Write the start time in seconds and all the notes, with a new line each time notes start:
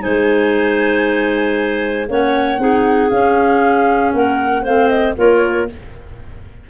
0.00 G#3 D#4 C5 G#5
2.09 A#3 C#4 C#5 F#5
2.59 C4 D#4 G#4
3.10 C#4 F5
4.14 A#3 A#4 F#5
4.63 A3 C4 C5 F5
4.89 D#5
5.17 A#3 F4 A#4 C#5